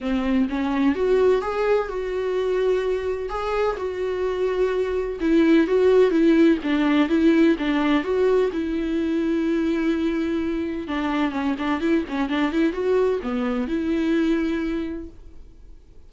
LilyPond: \new Staff \with { instrumentName = "viola" } { \time 4/4 \tempo 4 = 127 c'4 cis'4 fis'4 gis'4 | fis'2. gis'4 | fis'2. e'4 | fis'4 e'4 d'4 e'4 |
d'4 fis'4 e'2~ | e'2. d'4 | cis'8 d'8 e'8 cis'8 d'8 e'8 fis'4 | b4 e'2. | }